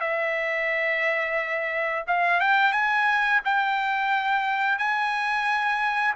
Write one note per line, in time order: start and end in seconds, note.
0.00 2.05 E5
2.07 2.40 F5
2.40 2.72 G5
2.72 3.40 G#5
3.44 4.78 G5
4.78 6.14 G#5